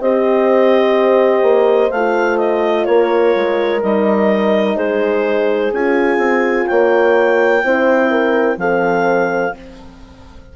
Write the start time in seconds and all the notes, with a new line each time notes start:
0.00 C4 G4 C5 D#5
1.42 A#3
1.90 A3 F4 F5
2.37 D#5
2.85 A#3 A#4 C#5
3.35 G#3
3.82 G3 D#4 D#5
4.75 G#3 G#4 C5
5.72 C#4 F4 G#5
6.17 C4
6.66 A#3 C#5 G5
7.63 C4 E4 C5
8.10 A#4
8.57 F3 C4 A4 F5